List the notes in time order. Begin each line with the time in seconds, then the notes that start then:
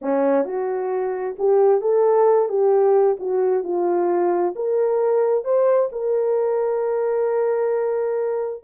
0.01 C#4
0.44 F#4
1.38 G4
1.81 A4
2.48 G4
3.19 F#4
3.63 F4
4.55 A#4
5.44 C5
5.92 A#4